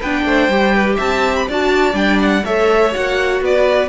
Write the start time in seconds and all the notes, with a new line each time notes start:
0.00 B3 D4 B4 G5
0.25 A3 C5
0.48 G3 G4
0.75 B4
0.95 C4 E5 A5
1.35 B5
1.48 D4 F#4 D5 A5
1.93 G3 D4 G5
2.21 F#5
2.44 A3 A4 C#5 E5
2.92 A#3 F#4 F#5
3.41 B3 B4 D5